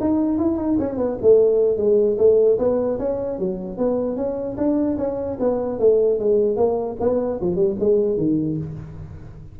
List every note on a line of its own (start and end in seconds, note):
0.00 0.38 D#4
0.38 0.57 E4
0.57 0.77 D#4
0.79 0.97 C#4
0.97 1.17 B3
1.21 1.77 A3
1.77 2.17 G#3
2.18 2.58 A3
2.58 2.98 B3
2.99 3.39 C#4
3.39 3.77 F#3
3.77 4.16 B3
4.16 4.56 C#4
4.57 4.97 D4
4.98 5.38 C#4
5.39 5.79 B3
5.79 6.19 A3
6.19 6.56 G#3
6.56 6.96 A#3
7.00 7.40 B3
7.41 7.56 F3
7.56 7.76 G3
7.80 8.17 G#3
8.17 8.57 D#3